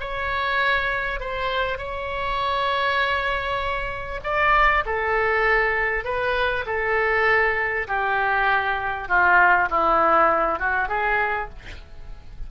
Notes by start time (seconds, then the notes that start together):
0.00 C#5
1.20 C5
1.78 C#5
4.24 D5
4.86 A4
6.04 B4
6.66 A4
7.88 G4
9.09 F4
9.70 E4
10.60 F#4
10.88 G#4